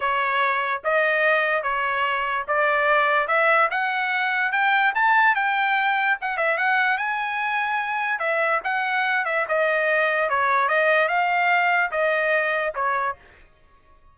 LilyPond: \new Staff \with { instrumentName = "trumpet" } { \time 4/4 \tempo 4 = 146 cis''2 dis''2 | cis''2 d''2 | e''4 fis''2 g''4 | a''4 g''2 fis''8 e''8 |
fis''4 gis''2. | e''4 fis''4. e''8 dis''4~ | dis''4 cis''4 dis''4 f''4~ | f''4 dis''2 cis''4 | }